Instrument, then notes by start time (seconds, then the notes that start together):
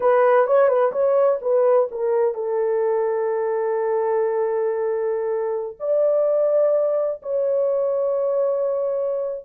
horn
0.00 B4
0.46 C#5
0.67 B4
0.91 C#5
1.41 B4
1.91 A#4
2.34 A4
5.79 D5
7.22 C#5